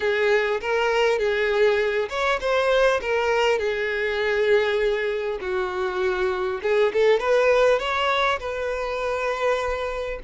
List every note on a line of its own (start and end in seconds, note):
0.00 0.60 G#4
0.60 1.18 A#4
1.18 2.08 G#4
2.09 2.39 C#5
2.40 3.00 C5
3.01 3.58 A#4
3.58 5.38 G#4
5.40 6.60 F#4
6.62 6.92 G#4
6.93 7.19 A4
7.19 7.79 B4
7.79 8.39 C#5
8.39 10.19 B4